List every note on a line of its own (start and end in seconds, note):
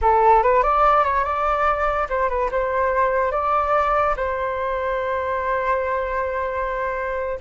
0.01 0.42 A4
0.42 0.62 B4
0.62 1.04 D5
1.04 1.24 C#5
1.24 2.07 D5
2.09 2.29 C5
2.29 2.50 B4
2.51 3.31 C5
3.31 4.15 D5
4.16 7.39 C5